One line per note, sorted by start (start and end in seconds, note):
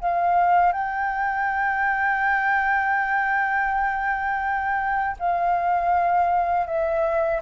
0.00 0.72 F5
0.72 5.16 G5
5.19 6.66 F5
6.66 7.40 E5